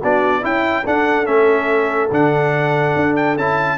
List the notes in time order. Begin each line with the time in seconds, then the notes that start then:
0.00 B3 D4 F#4 D5
0.42 C#4 E4 G5
0.83 D4 A4 F#5
1.25 A3 C#4 E5
2.10 D3 D4 F#5
2.96 D4
3.16 G5
3.37 C#4 E4 A5